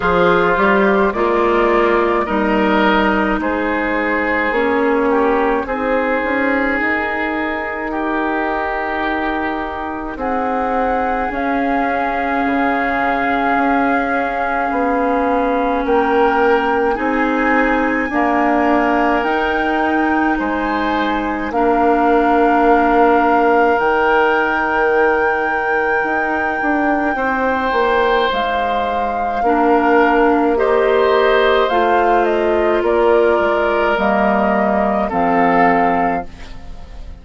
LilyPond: <<
  \new Staff \with { instrumentName = "flute" } { \time 4/4 \tempo 4 = 53 c''4 d''4 dis''4 c''4 | cis''4 c''4 ais'2~ | ais'4 fis''4 f''2~ | f''2 g''4 gis''4~ |
gis''4 g''4 gis''4 f''4~ | f''4 g''2.~ | g''4 f''2 dis''4 | f''8 dis''8 d''4 dis''4 f''4 | }
  \new Staff \with { instrumentName = "oboe" } { \time 4/4 f'4 ais4 ais'4 gis'4~ | gis'8 g'8 gis'2 g'4~ | g'4 gis'2.~ | gis'2 ais'4 gis'4 |
ais'2 c''4 ais'4~ | ais'1 | c''2 ais'4 c''4~ | c''4 ais'2 a'4 | }
  \new Staff \with { instrumentName = "clarinet" } { \time 4/4 gis'8 g'8 f'4 dis'2 | cis'4 dis'2.~ | dis'2 cis'2~ | cis'2. dis'4 |
ais4 dis'2 d'4~ | d'4 dis'2.~ | dis'2 d'4 g'4 | f'2 ais4 c'4 | }
  \new Staff \with { instrumentName = "bassoon" } { \time 4/4 f8 g8 gis4 g4 gis4 | ais4 c'8 cis'8 dis'2~ | dis'4 c'4 cis'4 cis4 | cis'4 b4 ais4 c'4 |
d'4 dis'4 gis4 ais4~ | ais4 dis2 dis'8 d'8 | c'8 ais8 gis4 ais2 | a4 ais8 gis8 g4 f4 | }
>>